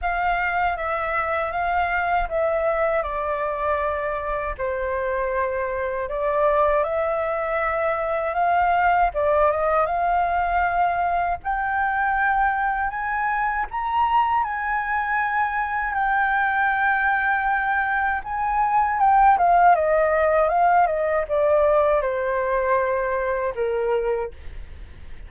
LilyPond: \new Staff \with { instrumentName = "flute" } { \time 4/4 \tempo 4 = 79 f''4 e''4 f''4 e''4 | d''2 c''2 | d''4 e''2 f''4 | d''8 dis''8 f''2 g''4~ |
g''4 gis''4 ais''4 gis''4~ | gis''4 g''2. | gis''4 g''8 f''8 dis''4 f''8 dis''8 | d''4 c''2 ais'4 | }